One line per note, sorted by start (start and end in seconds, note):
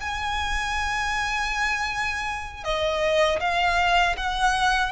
0.00 2.64 G#5
2.64 3.40 D#5
3.40 4.16 F5
4.17 4.92 F#5